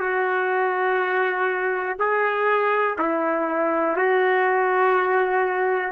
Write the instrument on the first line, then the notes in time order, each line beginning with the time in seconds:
trumpet
0.00 F#4
1.99 G#4
2.99 E4
3.97 F#4